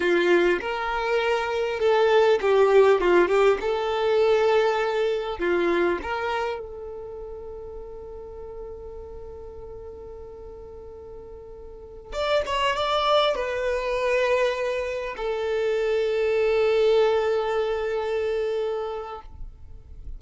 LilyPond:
\new Staff \with { instrumentName = "violin" } { \time 4/4 \tempo 4 = 100 f'4 ais'2 a'4 | g'4 f'8 g'8 a'2~ | a'4 f'4 ais'4 a'4~ | a'1~ |
a'1~ | a'16 d''8 cis''8 d''4 b'4.~ b'16~ | b'4~ b'16 a'2~ a'8.~ | a'1 | }